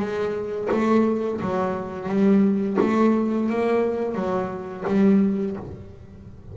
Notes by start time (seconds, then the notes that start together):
0.00 G#3
0.72 A3
1.41 F#3
2.09 G3
2.81 A3
3.50 A#3
4.15 F#3
4.88 G3